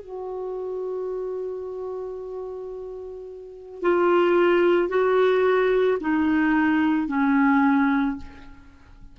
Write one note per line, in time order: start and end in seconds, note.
0.00 3.82 F#4
3.82 4.89 F4
4.89 5.98 F#4
6.00 7.08 D#4
7.08 8.17 C#4